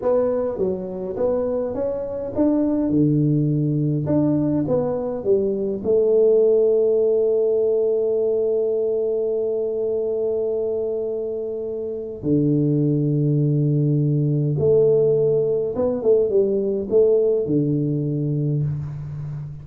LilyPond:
\new Staff \with { instrumentName = "tuba" } { \time 4/4 \tempo 4 = 103 b4 fis4 b4 cis'4 | d'4 d2 d'4 | b4 g4 a2~ | a1~ |
a1~ | a4 d2.~ | d4 a2 b8 a8 | g4 a4 d2 | }